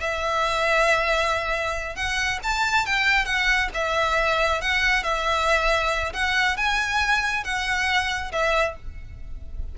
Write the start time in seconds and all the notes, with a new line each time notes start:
0.00 E5
1.96 F#5
2.43 A5
2.86 G5
3.25 F#5
3.74 E5
4.61 F#5
5.03 E5
6.13 F#5
6.57 G#5
7.44 F#5
8.32 E5